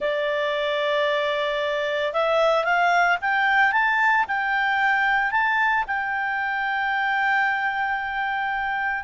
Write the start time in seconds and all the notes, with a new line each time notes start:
0.00 D5
2.13 E5
2.64 F5
3.21 G5
3.72 A5
4.27 G5
5.31 A5
5.87 G5